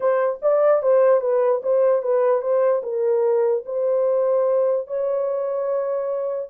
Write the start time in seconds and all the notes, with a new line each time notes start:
0.00 C5
0.42 D5
0.82 C5
1.20 B4
1.63 C5
2.02 B4
2.41 C5
2.82 A#4
3.65 C5
4.87 C#5